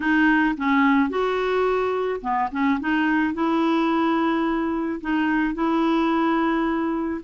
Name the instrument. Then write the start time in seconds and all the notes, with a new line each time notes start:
clarinet
0.00 D#4
0.57 C#4
1.09 F#4
2.21 B3
2.51 C#4
2.80 D#4
3.33 E4
5.00 D#4
5.54 E4